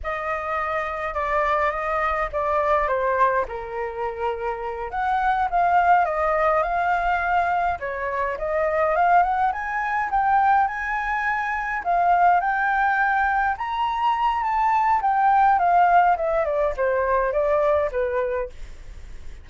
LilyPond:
\new Staff \with { instrumentName = "flute" } { \time 4/4 \tempo 4 = 104 dis''2 d''4 dis''4 | d''4 c''4 ais'2~ | ais'8 fis''4 f''4 dis''4 f''8~ | f''4. cis''4 dis''4 f''8 |
fis''8 gis''4 g''4 gis''4.~ | gis''8 f''4 g''2 ais''8~ | ais''4 a''4 g''4 f''4 | e''8 d''8 c''4 d''4 b'4 | }